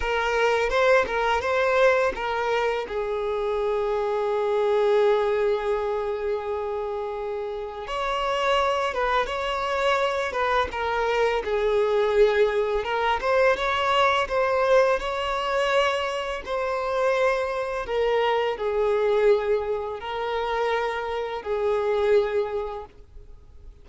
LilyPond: \new Staff \with { instrumentName = "violin" } { \time 4/4 \tempo 4 = 84 ais'4 c''8 ais'8 c''4 ais'4 | gis'1~ | gis'2. cis''4~ | cis''8 b'8 cis''4. b'8 ais'4 |
gis'2 ais'8 c''8 cis''4 | c''4 cis''2 c''4~ | c''4 ais'4 gis'2 | ais'2 gis'2 | }